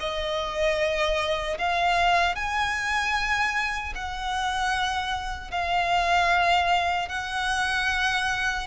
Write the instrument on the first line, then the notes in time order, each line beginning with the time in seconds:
violin
0.00 D#5
1.59 F5
2.36 G#5
3.95 F#5
5.51 F5
7.09 F#5